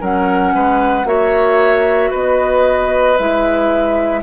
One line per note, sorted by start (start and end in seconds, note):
0.00 0.53 F#3
0.00 1.05 C#4
0.00 0.53 A#4
0.00 1.07 F#5
0.54 1.04 G#3
0.54 1.07 B4
1.04 2.10 A#3
1.04 3.16 F#4
1.04 2.10 C#5
1.04 2.12 E5
2.10 3.18 B3
2.10 4.20 B4
2.10 3.17 D#5
3.17 4.23 G#3
3.17 4.23 E4
3.17 4.22 E5